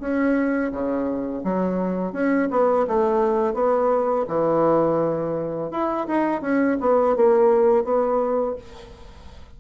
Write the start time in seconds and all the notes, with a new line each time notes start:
0.00 C#4
0.72 C#3
1.44 F#3
2.13 C#4
2.51 B3
2.87 A3
3.54 B3
4.28 E3
5.71 E4
6.07 D#4
6.42 C#4
6.80 B3
7.16 A#3
7.84 B3